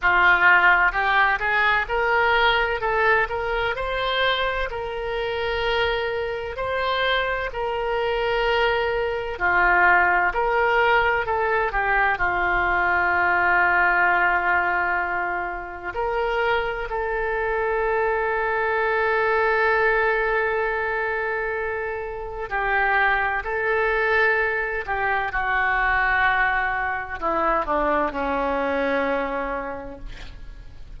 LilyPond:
\new Staff \with { instrumentName = "oboe" } { \time 4/4 \tempo 4 = 64 f'4 g'8 gis'8 ais'4 a'8 ais'8 | c''4 ais'2 c''4 | ais'2 f'4 ais'4 | a'8 g'8 f'2.~ |
f'4 ais'4 a'2~ | a'1 | g'4 a'4. g'8 fis'4~ | fis'4 e'8 d'8 cis'2 | }